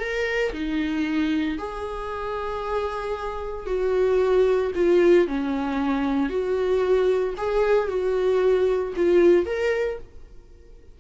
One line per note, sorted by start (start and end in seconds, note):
0.00 0.53 A#4
0.53 1.58 D#4
1.59 3.67 G#4
3.67 4.72 F#4
4.75 5.28 F4
5.28 6.30 C#4
6.30 7.35 F#4
7.38 7.89 G#4
7.89 8.94 F#4
8.97 9.46 F4
9.46 9.99 A#4